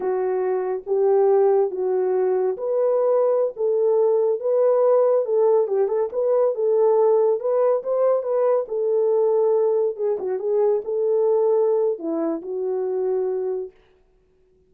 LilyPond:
\new Staff \with { instrumentName = "horn" } { \time 4/4 \tempo 4 = 140 fis'2 g'2 | fis'2 b'2~ | b'16 a'2 b'4.~ b'16~ | b'16 a'4 g'8 a'8 b'4 a'8.~ |
a'4~ a'16 b'4 c''4 b'8.~ | b'16 a'2. gis'8 fis'16~ | fis'16 gis'4 a'2~ a'8. | e'4 fis'2. | }